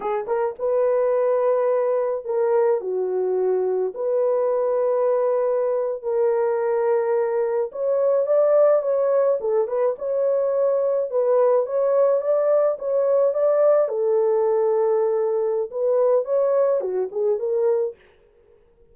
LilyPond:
\new Staff \with { instrumentName = "horn" } { \time 4/4 \tempo 4 = 107 gis'8 ais'8 b'2. | ais'4 fis'2 b'4~ | b'2~ b'8. ais'4~ ais'16~ | ais'4.~ ais'16 cis''4 d''4 cis''16~ |
cis''8. a'8 b'8 cis''2 b'16~ | b'8. cis''4 d''4 cis''4 d''16~ | d''8. a'2.~ a'16 | b'4 cis''4 fis'8 gis'8 ais'4 | }